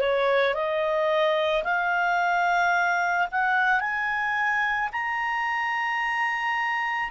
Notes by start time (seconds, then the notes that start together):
0.00 C#5
0.54 D#5
1.63 F5
3.31 F#5
3.80 G#5
4.92 A#5